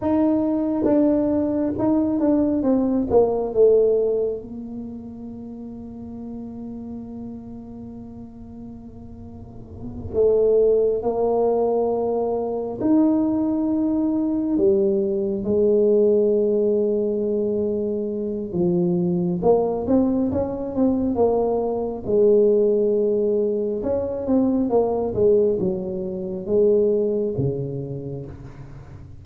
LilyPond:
\new Staff \with { instrumentName = "tuba" } { \time 4/4 \tempo 4 = 68 dis'4 d'4 dis'8 d'8 c'8 ais8 | a4 ais2.~ | ais2.~ ais8 a8~ | a8 ais2 dis'4.~ |
dis'8 g4 gis2~ gis8~ | gis4 f4 ais8 c'8 cis'8 c'8 | ais4 gis2 cis'8 c'8 | ais8 gis8 fis4 gis4 cis4 | }